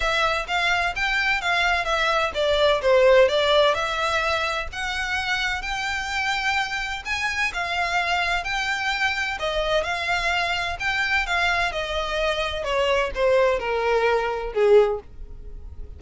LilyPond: \new Staff \with { instrumentName = "violin" } { \time 4/4 \tempo 4 = 128 e''4 f''4 g''4 f''4 | e''4 d''4 c''4 d''4 | e''2 fis''2 | g''2. gis''4 |
f''2 g''2 | dis''4 f''2 g''4 | f''4 dis''2 cis''4 | c''4 ais'2 gis'4 | }